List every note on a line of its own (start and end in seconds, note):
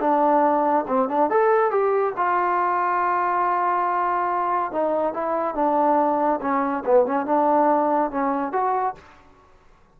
0.00 0.85 D4
0.87 1.09 C4
1.09 1.30 D4
1.30 1.71 A4
1.71 2.13 G4
2.17 4.72 F4
4.72 5.14 D#4
5.14 5.55 E4
5.55 6.40 D4
6.41 6.84 C#4
6.85 7.06 B3
7.06 7.26 C#4
7.26 8.11 D4
8.11 8.52 C#4
8.52 8.95 F#4